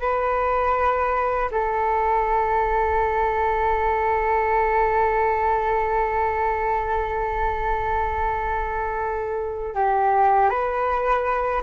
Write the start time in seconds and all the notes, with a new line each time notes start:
0.00 B4
1.51 A4
9.75 G4
10.49 B4